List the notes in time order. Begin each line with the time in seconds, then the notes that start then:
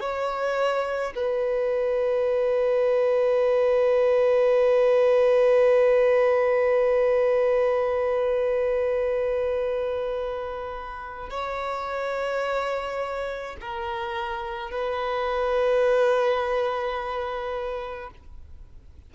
0.00 C#5
1.15 B4
11.30 C#5
13.61 A#4
14.71 B4